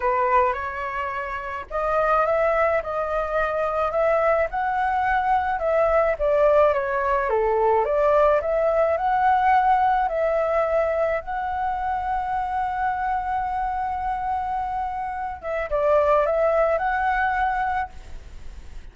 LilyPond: \new Staff \with { instrumentName = "flute" } { \time 4/4 \tempo 4 = 107 b'4 cis''2 dis''4 | e''4 dis''2 e''4 | fis''2 e''4 d''4 | cis''4 a'4 d''4 e''4 |
fis''2 e''2 | fis''1~ | fis''2.~ fis''8 e''8 | d''4 e''4 fis''2 | }